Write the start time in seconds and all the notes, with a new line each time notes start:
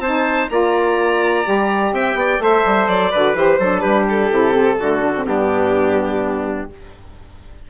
0.00 C4 D#4 C5 A5
0.50 A#3 F4 D5 A#5
1.45 G3 G4
1.93 C4 E5 G5
2.15 B3 D5
2.39 A3 A4 C5 E5
2.66 G3
2.88 F#3 D5
3.12 D3 F#4 B4
3.35 E3 G4 C5
3.59 F#3 D4 A4
3.80 G3 G4 B4
4.09 A4
4.31 C3 E4
4.54 C4
4.80 D3 A3 F#4
5.01 D4
5.17 C4
5.26 G2 B3 D4 G4